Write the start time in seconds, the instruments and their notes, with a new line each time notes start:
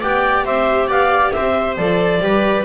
0.00 double bass B3, viola G4 D5, clarinet G5
0.44 double bass C4, viola C5, clarinet E5
0.87 double bass B3, viola D5, clarinet F5
1.31 double bass C4, viola C5, clarinet E5
1.77 double bass F3, viola A4, clarinet D5
2.20 double bass G3, viola G4 B4